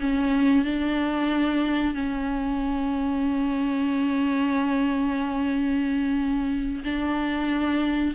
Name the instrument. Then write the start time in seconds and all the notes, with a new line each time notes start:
viola
0.00 C#4
0.65 D4
1.94 C#4
6.84 D4